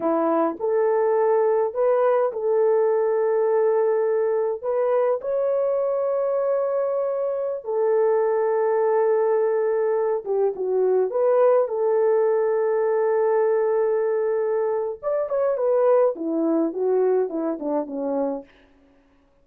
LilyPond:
\new Staff \with { instrumentName = "horn" } { \time 4/4 \tempo 4 = 104 e'4 a'2 b'4 | a'1 | b'4 cis''2.~ | cis''4~ cis''16 a'2~ a'8.~ |
a'4.~ a'16 g'8 fis'4 b'8.~ | b'16 a'2.~ a'8.~ | a'2 d''8 cis''8 b'4 | e'4 fis'4 e'8 d'8 cis'4 | }